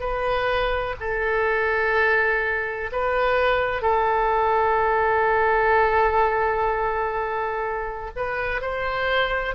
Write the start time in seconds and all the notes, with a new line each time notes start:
0.00 B4
1.00 A4
2.92 B4
3.82 A4
8.16 B4
8.61 C5